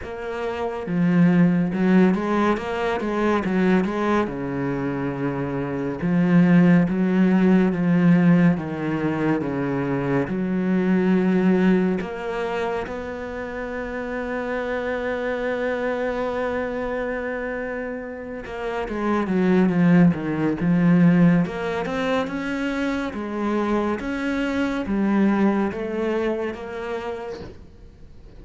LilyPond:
\new Staff \with { instrumentName = "cello" } { \time 4/4 \tempo 4 = 70 ais4 f4 fis8 gis8 ais8 gis8 | fis8 gis8 cis2 f4 | fis4 f4 dis4 cis4 | fis2 ais4 b4~ |
b1~ | b4. ais8 gis8 fis8 f8 dis8 | f4 ais8 c'8 cis'4 gis4 | cis'4 g4 a4 ais4 | }